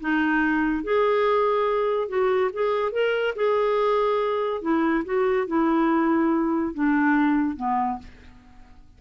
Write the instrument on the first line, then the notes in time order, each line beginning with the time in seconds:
clarinet
0.00 D#4
0.83 G#4
2.08 F#4
2.53 G#4
2.92 A#4
3.36 G#4
4.62 E4
5.05 F#4
5.47 E4
6.74 D4
7.56 B3